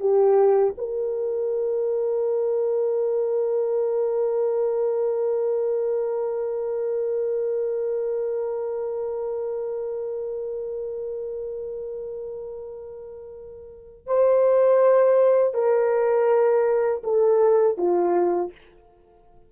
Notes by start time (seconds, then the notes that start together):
0.00 G4
0.78 A#4
14.06 C5
15.54 A#4
17.04 A4
17.77 F4